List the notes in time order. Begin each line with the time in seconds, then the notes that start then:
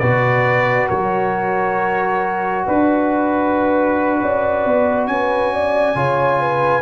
0.00 B2 F#4 B4 D5
0.88 F#3 A#4 C#5
2.67 D4 B4
4.22 C#4 D5
4.65 B3
5.07 C#4 B4 G#5
5.54 D5
5.95 C#3 F4 C#5
6.40 B4